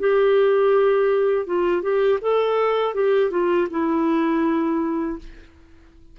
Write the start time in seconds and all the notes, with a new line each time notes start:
0.00 G4
1.46 F4
1.82 G4
2.22 A4
2.94 G4
3.31 F4
3.71 E4